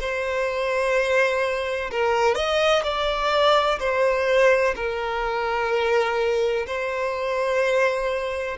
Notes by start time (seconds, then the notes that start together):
0.00 C5
1.91 A#4
2.35 D#5
2.84 D5
3.79 C5
4.75 A#4
6.66 C5